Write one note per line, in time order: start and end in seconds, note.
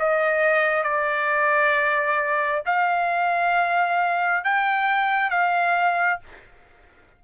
0.00 0.84 D#5
0.84 2.63 D5
2.66 4.45 F5
4.45 5.31 G5
5.31 6.20 F5